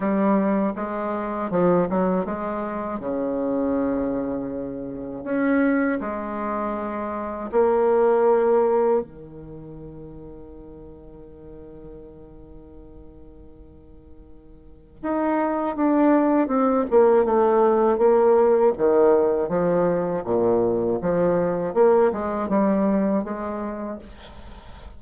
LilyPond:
\new Staff \with { instrumentName = "bassoon" } { \time 4/4 \tempo 4 = 80 g4 gis4 f8 fis8 gis4 | cis2. cis'4 | gis2 ais2 | dis1~ |
dis1 | dis'4 d'4 c'8 ais8 a4 | ais4 dis4 f4 ais,4 | f4 ais8 gis8 g4 gis4 | }